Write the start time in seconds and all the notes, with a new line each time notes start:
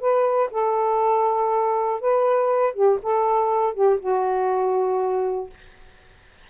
0.00 B4
0.51 A4
2.01 B4
2.74 G4
3.02 A4
3.74 G4
4.00 F#4